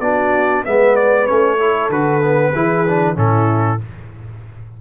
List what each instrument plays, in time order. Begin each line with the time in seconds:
0.00 tuba B3, trombone D4, horn F#4, trumpet D5
0.65 tuba G#3, trombone B3, horn B4, trumpet E5
0.96 trumpet D5
1.26 tuba A3, trombone C#4, trumpet C#5
1.57 trombone E4, horn A4
1.89 tuba D3, trombone F#4, trumpet B4
2.21 trombone B3
2.52 tuba E3, trombone E4, horn G#4
2.87 trombone D4
3.15 tuba A2, trombone C#4, horn E4, trumpet A4